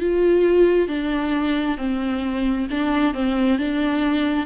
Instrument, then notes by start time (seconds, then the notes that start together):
viola
0.00 F4
0.88 D4
1.77 C4
2.70 D4
3.14 C4
3.58 D4